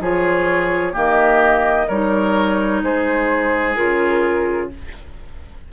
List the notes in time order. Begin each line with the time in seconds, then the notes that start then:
0.00 F3 F4 G#4 C#5
0.93 D#3 A#3 G4 D#5
1.88 G3 D#4 A#4 C#5
2.82 G#3 G#4 C5
3.75 C#3 F4 A#4